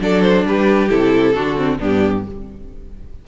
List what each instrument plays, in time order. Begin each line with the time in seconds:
0.00 cello F#3, viola D4, violin A4 D5
0.22 violin C5
0.45 cello G3, violin G4 B4
0.89 cello C3, viola E4, violin A4
1.34 cello D3, viola D4, violin F#4
1.56 viola C4
1.78 cello G2, viola B3, violin D4 G4